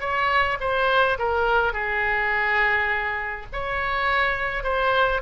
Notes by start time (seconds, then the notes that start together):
0.00 C#5
0.60 C5
1.19 A#4
1.73 G#4
3.52 C#5
4.63 C5